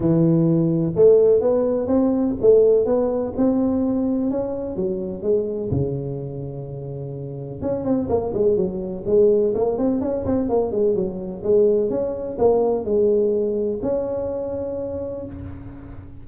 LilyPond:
\new Staff \with { instrumentName = "tuba" } { \time 4/4 \tempo 4 = 126 e2 a4 b4 | c'4 a4 b4 c'4~ | c'4 cis'4 fis4 gis4 | cis1 |
cis'8 c'8 ais8 gis8 fis4 gis4 | ais8 c'8 cis'8 c'8 ais8 gis8 fis4 | gis4 cis'4 ais4 gis4~ | gis4 cis'2. | }